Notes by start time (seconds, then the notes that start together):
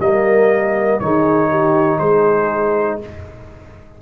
0.00 G3 A#3 A#4 D#5
1.00 D#3 D#4 G#4 C#5
1.51 G4
1.99 G#3 G#4 C5